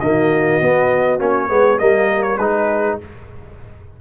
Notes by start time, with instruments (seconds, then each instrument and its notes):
0.00 tuba D#3, trombone A#3, horn F#4, trumpet D#5
0.61 tuba B3, trombone B3
1.19 tuba A#3, trombone C#4, trumpet C#5
1.48 tuba G#3, trombone B3, horn G#4
1.79 tuba G3, trombone A#3, horn A#4, trumpet D#5
2.23 trumpet C#5
2.38 tuba G#3, trombone D#4, horn G#4, trumpet B4